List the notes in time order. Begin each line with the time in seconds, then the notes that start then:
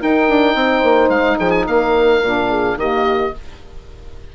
0.00 D#4 A#4 G5
0.28 D4
0.55 C4 C5
0.83 A#3
1.09 G#3 F5
1.38 F3 G#4 G5
1.51 G#5
1.67 A#3 A#4 F5
2.21 A#2 D4
2.49 G#4
2.76 D#3 A#3 G4 D#5